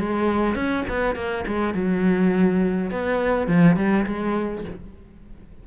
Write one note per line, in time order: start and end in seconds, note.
0.00 0.56 G#3
0.56 0.85 C#4
0.89 1.16 B3
1.16 1.45 A#3
1.47 1.75 G#3
1.75 2.91 F#3
2.92 3.48 B3
3.48 3.77 F3
3.77 4.06 G3
4.07 4.65 G#3